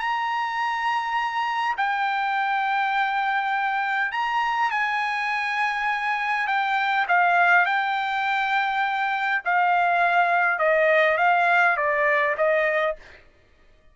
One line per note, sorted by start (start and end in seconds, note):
0.00 1.76 A#5
1.78 4.12 G5
4.12 4.71 A#5
4.71 6.48 G#5
6.48 7.06 G5
7.09 7.66 F5
7.66 9.42 G5
9.45 10.59 F5
10.59 11.18 D#5
11.18 11.77 F5
11.77 12.36 D5
12.37 12.96 D#5